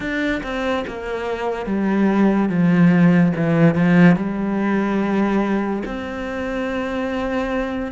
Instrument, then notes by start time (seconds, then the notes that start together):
cello
0.00 D4
0.43 C4
0.87 A#3
1.66 G3
2.48 F3
3.35 E3
3.75 F3
4.16 G3
5.85 C4